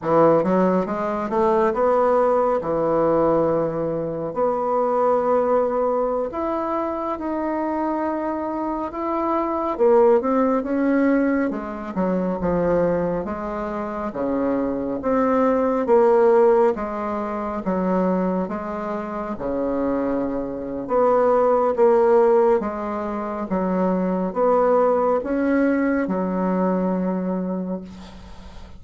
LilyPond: \new Staff \with { instrumentName = "bassoon" } { \time 4/4 \tempo 4 = 69 e8 fis8 gis8 a8 b4 e4~ | e4 b2~ b16 e'8.~ | e'16 dis'2 e'4 ais8 c'16~ | c'16 cis'4 gis8 fis8 f4 gis8.~ |
gis16 cis4 c'4 ais4 gis8.~ | gis16 fis4 gis4 cis4.~ cis16 | b4 ais4 gis4 fis4 | b4 cis'4 fis2 | }